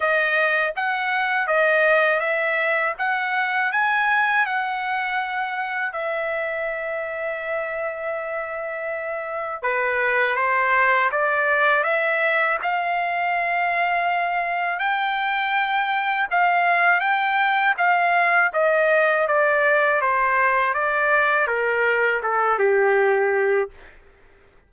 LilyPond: \new Staff \with { instrumentName = "trumpet" } { \time 4/4 \tempo 4 = 81 dis''4 fis''4 dis''4 e''4 | fis''4 gis''4 fis''2 | e''1~ | e''4 b'4 c''4 d''4 |
e''4 f''2. | g''2 f''4 g''4 | f''4 dis''4 d''4 c''4 | d''4 ais'4 a'8 g'4. | }